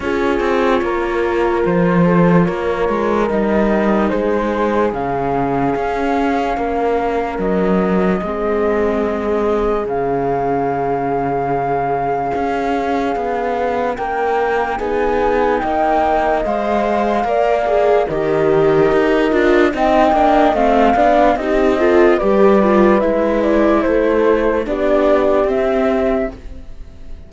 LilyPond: <<
  \new Staff \with { instrumentName = "flute" } { \time 4/4 \tempo 4 = 73 cis''2 c''4 cis''4 | dis''4 c''4 f''2~ | f''4 dis''2. | f''1~ |
f''4 g''4 gis''4 g''4 | f''2 dis''2 | g''4 f''4 dis''4 d''4 | e''8 d''8 c''4 d''4 e''4 | }
  \new Staff \with { instrumentName = "horn" } { \time 4/4 gis'4 ais'4. a'8 ais'4~ | ais'4 gis'2. | ais'2 gis'2~ | gis'1~ |
gis'4 ais'4 gis'4 dis''4~ | dis''4 d''4 ais'2 | dis''4. d''8 g'8 a'8 b'4~ | b'4 a'4 g'2 | }
  \new Staff \with { instrumentName = "viola" } { \time 4/4 f'1 | dis'2 cis'2~ | cis'2 c'2 | cis'1~ |
cis'2 dis'2 | c''4 ais'8 gis'8 g'4. f'8 | dis'8 d'8 c'8 d'8 dis'8 f'8 g'8 f'8 | e'2 d'4 c'4 | }
  \new Staff \with { instrumentName = "cello" } { \time 4/4 cis'8 c'8 ais4 f4 ais8 gis8 | g4 gis4 cis4 cis'4 | ais4 fis4 gis2 | cis2. cis'4 |
b4 ais4 b4 ais4 | gis4 ais4 dis4 dis'8 d'8 | c'8 ais8 a8 b8 c'4 g4 | gis4 a4 b4 c'4 | }
>>